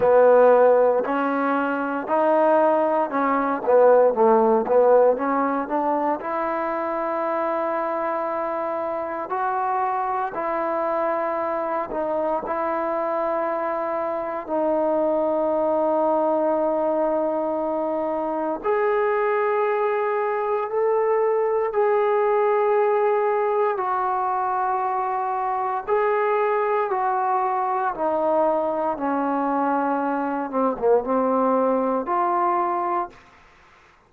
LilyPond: \new Staff \with { instrumentName = "trombone" } { \time 4/4 \tempo 4 = 58 b4 cis'4 dis'4 cis'8 b8 | a8 b8 cis'8 d'8 e'2~ | e'4 fis'4 e'4. dis'8 | e'2 dis'2~ |
dis'2 gis'2 | a'4 gis'2 fis'4~ | fis'4 gis'4 fis'4 dis'4 | cis'4. c'16 ais16 c'4 f'4 | }